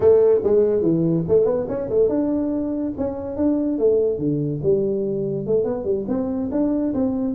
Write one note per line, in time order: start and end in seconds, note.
0.00 0.40 A3
0.43 0.82 G#3
0.82 1.24 E3
1.28 1.45 A3
1.45 1.66 B3
1.68 1.89 C#4
1.89 2.08 A3
2.08 2.92 D4
2.97 3.36 C#4
3.36 3.78 D4
3.78 4.18 A3
4.18 4.60 D3
4.63 5.46 G3
5.46 5.64 A3
5.64 5.84 B3
5.84 6.05 G3
6.08 6.50 C4
6.51 6.93 D4
6.93 7.34 C4